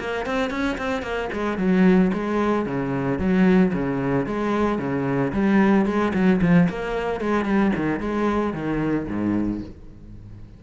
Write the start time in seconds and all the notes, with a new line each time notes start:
0.00 A#3
0.26 C4
0.50 C#4
0.78 C4
1.02 A#3
1.33 G#3
1.58 F#3
2.13 G#3
2.66 C#3
3.19 F#3
3.74 C#3
4.26 G#3
4.79 C#3
5.33 G3
5.86 G#3
6.14 F#3
6.42 F3
6.69 A#3
7.21 G#3
7.45 G3
7.76 D#3
8.00 G#3
8.53 D#3
9.08 G#2